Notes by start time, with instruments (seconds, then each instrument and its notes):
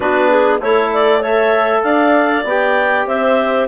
0.00 bassoon B3, trombone D4, clarinet F#4 B4
0.29 clarinet G#4
0.60 bassoon A3, trombone E4, clarinet A4 C#5
0.93 clarinet D5
1.19 trombone A4, clarinet C#5 E5
1.83 bassoon D4, clarinet D5 F5
2.44 bassoon B3, trombone G4, clarinet G5
3.06 bassoon C4, clarinet C5 E5